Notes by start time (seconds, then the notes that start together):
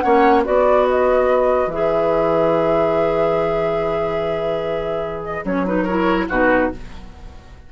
0.00 A#3 C#4 C#5 F#5
0.43 B3 F#4 B4 D5
0.89 D#5
1.67 E3 G#4 E5
5.24 D#5
5.45 F#3 C#4 C#5
5.65 D#4 B4
5.82 E4 A#4 C#5
6.29 B2 D#4 F#4 B4